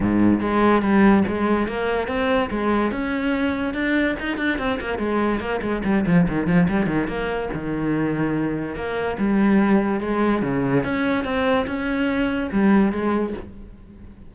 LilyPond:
\new Staff \with { instrumentName = "cello" } { \time 4/4 \tempo 4 = 144 gis,4 gis4 g4 gis4 | ais4 c'4 gis4 cis'4~ | cis'4 d'4 dis'8 d'8 c'8 ais8 | gis4 ais8 gis8 g8 f8 dis8 f8 |
g8 dis8 ais4 dis2~ | dis4 ais4 g2 | gis4 cis4 cis'4 c'4 | cis'2 g4 gis4 | }